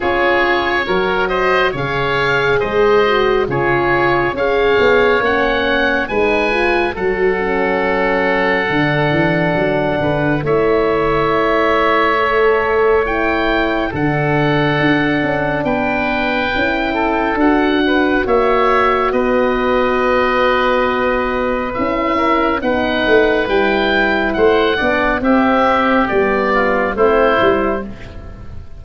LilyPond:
<<
  \new Staff \with { instrumentName = "oboe" } { \time 4/4 \tempo 4 = 69 cis''4. dis''8 f''4 dis''4 | cis''4 f''4 fis''4 gis''4 | fis''1 | e''2. g''4 |
fis''2 g''2 | fis''4 e''4 dis''2~ | dis''4 e''4 fis''4 g''4 | fis''4 e''4 d''4 c''4 | }
  \new Staff \with { instrumentName = "oboe" } { \time 4/4 gis'4 ais'8 c''8 cis''4 c''4 | gis'4 cis''2 b'4 | a'2.~ a'8 b'8 | cis''1 |
a'2 b'4. a'8~ | a'8 b'8 cis''4 b'2~ | b'4. ais'8 b'2 | c''8 d''8 g'4. f'8 e'4 | }
  \new Staff \with { instrumentName = "horn" } { \time 4/4 f'4 fis'4 gis'4. fis'8 | f'4 gis'4 cis'4 dis'8 f'8 | fis'8 cis'4. d'2 | e'2 a'4 e'4 |
d'2. e'4 | fis'1~ | fis'4 e'4 dis'4 e'4~ | e'8 d'8 c'4 b4 c'8 e'8 | }
  \new Staff \with { instrumentName = "tuba" } { \time 4/4 cis'4 fis4 cis4 gis4 | cis4 cis'8 b8 ais4 gis4 | fis2 d8 e8 fis8 d8 | a1 |
d4 d'8 cis'8 b4 cis'4 | d'4 ais4 b2~ | b4 cis'4 b8 a8 g4 | a8 b8 c'4 g4 a8 g8 | }
>>